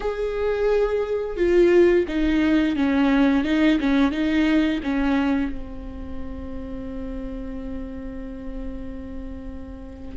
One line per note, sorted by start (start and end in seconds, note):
0.00 1.36 G#4
1.36 2.05 F4
2.08 2.76 D#4
2.76 3.44 C#4
3.44 3.78 D#4
3.79 4.11 C#4
4.11 4.80 D#4
4.83 5.51 C#4
5.51 10.17 C4